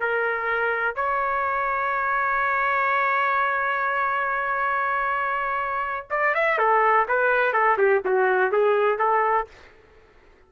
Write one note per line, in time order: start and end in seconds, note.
0.00 0.95 A#4
0.95 6.08 C#5
6.10 6.34 D5
6.34 6.58 E5
6.58 7.07 A4
7.08 7.53 B4
7.53 7.77 A4
7.78 8.02 G4
8.05 8.52 F#4
8.52 8.98 G#4
8.98 9.47 A4